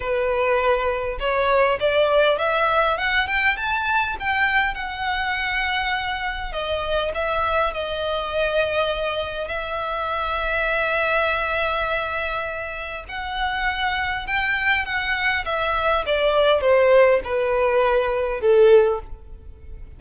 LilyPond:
\new Staff \with { instrumentName = "violin" } { \time 4/4 \tempo 4 = 101 b'2 cis''4 d''4 | e''4 fis''8 g''8 a''4 g''4 | fis''2. dis''4 | e''4 dis''2. |
e''1~ | e''2 fis''2 | g''4 fis''4 e''4 d''4 | c''4 b'2 a'4 | }